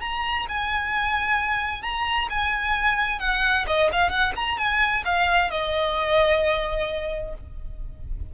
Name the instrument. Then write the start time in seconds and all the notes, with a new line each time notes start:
violin
0.00 A#5
0.48 G#5
1.82 A#5
2.30 G#5
3.19 F#5
3.67 D#5
3.92 F5
4.10 F#5
4.36 A#5
4.58 G#5
5.05 F5
5.51 D#5